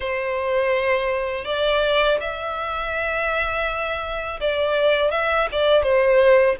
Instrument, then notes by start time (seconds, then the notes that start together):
violin
0.00 C5
1.45 D5
2.20 E5
4.40 D5
5.11 E5
5.52 D5
5.82 C5